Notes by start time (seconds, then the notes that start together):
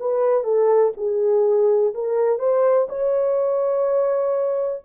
0.00 B4
0.44 A4
0.97 G#4
1.94 A#4
2.39 C5
2.89 C#5